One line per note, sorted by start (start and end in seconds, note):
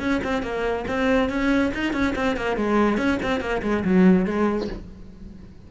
0.00 0.21 C#4
0.24 0.43 C4
0.43 0.85 A#3
0.88 1.30 C4
1.30 1.72 C#4
1.74 1.93 D#4
1.93 2.14 C#4
2.16 2.37 C4
2.37 2.57 A#3
2.57 2.97 G#3
2.97 3.19 C#4
3.23 3.41 C4
3.41 3.62 A#3
3.62 3.84 G#3
3.85 4.26 F#3
4.26 4.68 G#3